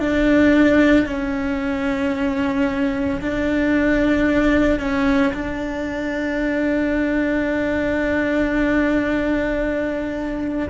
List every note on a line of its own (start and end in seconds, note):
0.00 1.07 D4
1.07 3.21 C#4
3.21 4.80 D4
4.80 5.34 C#4
5.34 10.69 D4